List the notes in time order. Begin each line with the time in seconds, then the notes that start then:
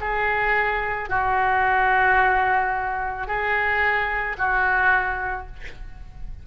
0.00 G#4
1.09 F#4
3.27 G#4
4.37 F#4